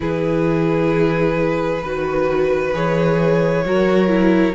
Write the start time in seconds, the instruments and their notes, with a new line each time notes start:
0.00 cello E3, viola E4, violin G#4 B4
1.82 cello D#3, viola F#4, violin B4
2.73 cello E3, viola G#4, violin C#5
3.64 cello F#3, viola F#4, violin A#4
4.08 viola E4